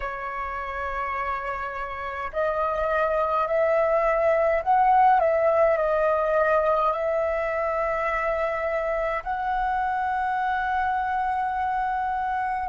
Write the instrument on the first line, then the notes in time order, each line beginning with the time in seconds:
flute
0.00 C#5
2.32 D#5
3.47 E5
4.63 F#5
5.20 E5
5.77 D#5
6.92 E5
9.23 F#5